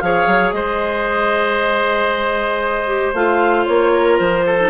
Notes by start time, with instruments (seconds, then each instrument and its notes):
0.00 bassoon F3, clarinet G#4 F5, oboe C#5
0.27 bassoon F#3
0.52 bassoon G#3, oboe C5, clarinet D#5
2.87 clarinet G4
3.14 bassoon A3, clarinet F4 F5
3.66 bassoon A#3, clarinet C#5
3.93 oboe A#4
4.18 bassoon F3, clarinet C5
4.46 oboe A4
4.60 clarinet D#4